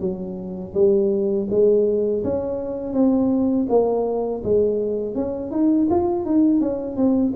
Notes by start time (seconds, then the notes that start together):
0.00 F#3
0.74 G3
1.50 G#3
2.24 C#4
2.93 C4
3.69 A#3
4.44 G#3
5.15 C#4
5.51 D#4
5.90 F4
6.25 D#4
6.61 C#4
6.96 C4